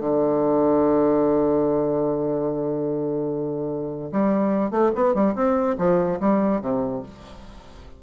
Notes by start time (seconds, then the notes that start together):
0.00 D3
4.12 G3
4.71 A3
4.95 B3
5.14 G3
5.35 C4
5.78 F3
6.20 G3
6.61 C3